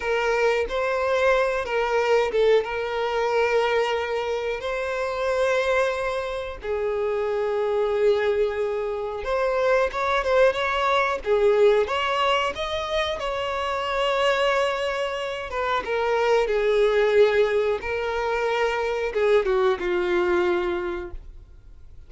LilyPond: \new Staff \with { instrumentName = "violin" } { \time 4/4 \tempo 4 = 91 ais'4 c''4. ais'4 a'8 | ais'2. c''4~ | c''2 gis'2~ | gis'2 c''4 cis''8 c''8 |
cis''4 gis'4 cis''4 dis''4 | cis''2.~ cis''8 b'8 | ais'4 gis'2 ais'4~ | ais'4 gis'8 fis'8 f'2 | }